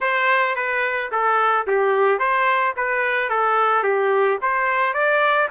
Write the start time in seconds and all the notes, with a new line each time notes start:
0.01 C5
0.55 B4
1.11 A4
1.67 G4
2.19 C5
2.76 B4
3.29 A4
3.83 G4
4.41 C5
4.93 D5